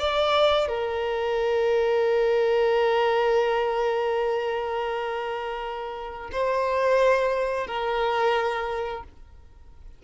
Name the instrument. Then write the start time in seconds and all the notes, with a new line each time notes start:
violin
0.00 D5
0.68 A#4
6.32 C5
7.67 A#4